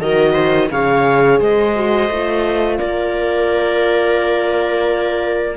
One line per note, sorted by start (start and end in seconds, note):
0.00 0.70 D#3
0.00 0.71 F#4
0.00 0.33 A#4
0.00 0.70 D#5
0.33 0.68 C5
0.71 1.40 C#3
0.71 1.76 G#4
0.71 1.40 C#5
0.71 1.40 F5
1.40 2.09 G#3
1.40 2.79 C5
1.40 2.78 D#5
1.76 2.11 F#4
2.09 2.79 A3
2.09 5.56 F4
2.78 5.56 A#3
2.78 5.56 A#4
2.78 5.56 D5